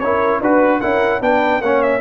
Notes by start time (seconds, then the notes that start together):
0.00 C#4 E4 A#4 C#5
0.41 D4 F#4 B4
0.81 C#4 E4 A#4 F#5
1.21 B3 D4 B4 G5
1.61 A#3 C#4 C#5 F#5
1.83 E5